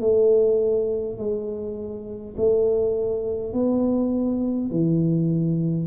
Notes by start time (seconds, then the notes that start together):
0.00 A3
1.18 G#3
2.37 A3
3.53 B3
4.71 E3